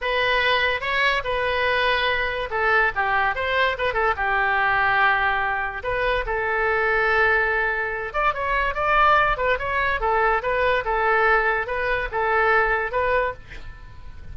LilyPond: \new Staff \with { instrumentName = "oboe" } { \time 4/4 \tempo 4 = 144 b'2 cis''4 b'4~ | b'2 a'4 g'4 | c''4 b'8 a'8 g'2~ | g'2 b'4 a'4~ |
a'2.~ a'8 d''8 | cis''4 d''4. b'8 cis''4 | a'4 b'4 a'2 | b'4 a'2 b'4 | }